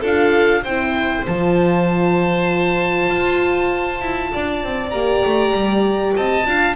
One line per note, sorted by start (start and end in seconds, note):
0.00 0.64 D4
0.00 0.63 F4
0.00 0.61 A4
0.06 0.64 F5
0.62 1.26 C4
0.62 1.27 E4
0.62 4.29 C5
0.62 1.26 G5
1.27 3.09 F3
1.27 4.92 F4
1.27 4.90 A5
3.09 4.01 F4
4.01 4.32 E4
4.33 4.63 D4
4.33 6.15 D5
4.63 4.93 C4
4.90 5.24 A#3
4.90 6.45 G4
4.90 6.13 A#5
5.25 5.52 A3
5.52 6.13 G3
6.15 6.46 C4
6.15 6.46 D#5
6.15 6.75 A5
6.45 6.75 D4
6.45 6.75 F4
6.45 6.75 F5